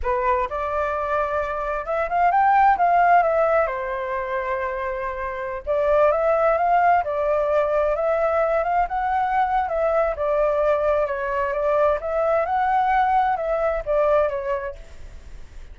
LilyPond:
\new Staff \with { instrumentName = "flute" } { \time 4/4 \tempo 4 = 130 b'4 d''2. | e''8 f''8 g''4 f''4 e''4 | c''1~ | c''16 d''4 e''4 f''4 d''8.~ |
d''4~ d''16 e''4. f''8 fis''8.~ | fis''4 e''4 d''2 | cis''4 d''4 e''4 fis''4~ | fis''4 e''4 d''4 cis''4 | }